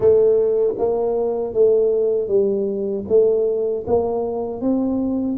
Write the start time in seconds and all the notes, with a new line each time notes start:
0.00 A3
0.77 A#3
1.53 A3
2.27 G3
3.08 A3
3.87 A#3
4.61 C4